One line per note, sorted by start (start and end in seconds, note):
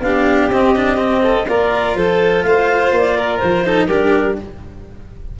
0.00 0.48 B3
0.00 0.52 D4
0.00 1.22 G4
0.00 0.50 F5
0.49 1.45 C4
0.49 0.76 C4
0.49 1.48 D#5
0.76 0.97 D4
0.97 1.45 C4
1.22 1.47 A4
1.48 1.95 A#3
1.48 3.65 F4
1.48 1.97 A#4
1.48 1.96 D5
1.95 2.43 F3
1.95 2.46 A4
1.95 2.43 C5
2.43 2.92 A3
2.43 3.17 C5
2.43 2.91 F5
2.92 3.40 A#3
2.92 3.38 D5
3.17 3.65 A#4
3.38 3.89 F3
3.38 3.86 C5
3.65 3.89 D#4
3.65 3.88 A4
3.87 4.37 G3
3.87 4.40 D4
3.87 4.36 G4
3.87 4.35 A#4